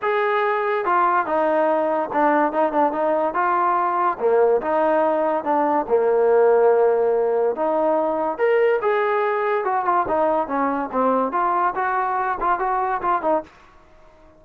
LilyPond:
\new Staff \with { instrumentName = "trombone" } { \time 4/4 \tempo 4 = 143 gis'2 f'4 dis'4~ | dis'4 d'4 dis'8 d'8 dis'4 | f'2 ais4 dis'4~ | dis'4 d'4 ais2~ |
ais2 dis'2 | ais'4 gis'2 fis'8 f'8 | dis'4 cis'4 c'4 f'4 | fis'4. f'8 fis'4 f'8 dis'8 | }